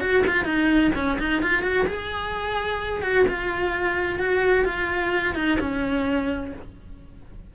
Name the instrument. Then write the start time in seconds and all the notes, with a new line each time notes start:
cello
0.00 F#4
0.27 F4
0.44 D#4
0.95 C#4
1.19 D#4
1.42 F4
1.62 F#4
1.86 G#4
3.02 F#4
3.28 F4
4.19 F#4
4.65 F4
5.34 D#4
5.59 C#4